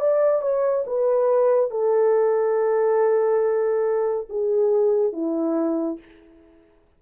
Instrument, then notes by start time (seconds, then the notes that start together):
horn
0.00 D5
0.42 C#5
0.86 B4
1.71 A4
4.29 G#4
5.13 E4